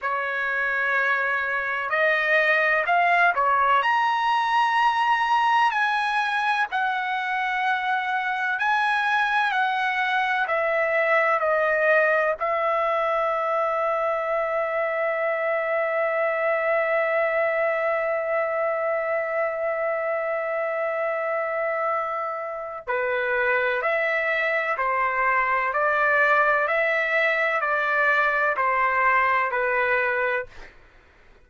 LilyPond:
\new Staff \with { instrumentName = "trumpet" } { \time 4/4 \tempo 4 = 63 cis''2 dis''4 f''8 cis''8 | ais''2 gis''4 fis''4~ | fis''4 gis''4 fis''4 e''4 | dis''4 e''2.~ |
e''1~ | e''1 | b'4 e''4 c''4 d''4 | e''4 d''4 c''4 b'4 | }